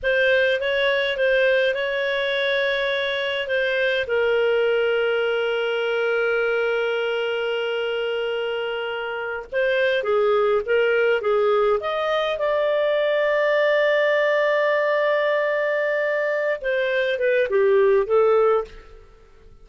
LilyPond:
\new Staff \with { instrumentName = "clarinet" } { \time 4/4 \tempo 4 = 103 c''4 cis''4 c''4 cis''4~ | cis''2 c''4 ais'4~ | ais'1~ | ais'1~ |
ais'16 c''4 gis'4 ais'4 gis'8.~ | gis'16 dis''4 d''2~ d''8.~ | d''1~ | d''8 c''4 b'8 g'4 a'4 | }